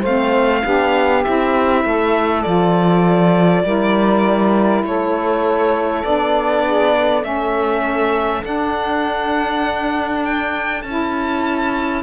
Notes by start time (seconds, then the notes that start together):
0.00 A3 C4 C5 F5
0.62 B3 D4 G4
1.23 C4 E4 E5
1.84 A3 A4
2.42 F3 F4 D5
3.63 G3 E4 A#4
4.83 A3 A4 C#5
6.04 B3 D4 D5
6.65 G#4
6.94 A4
7.22 A3 C#4 E5
8.43 D4 F#5
10.24 G5
10.82 C#4 E4 A5